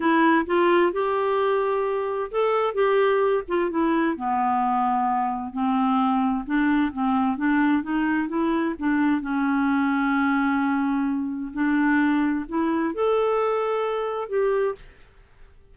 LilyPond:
\new Staff \with { instrumentName = "clarinet" } { \time 4/4 \tempo 4 = 130 e'4 f'4 g'2~ | g'4 a'4 g'4. f'8 | e'4 b2. | c'2 d'4 c'4 |
d'4 dis'4 e'4 d'4 | cis'1~ | cis'4 d'2 e'4 | a'2. g'4 | }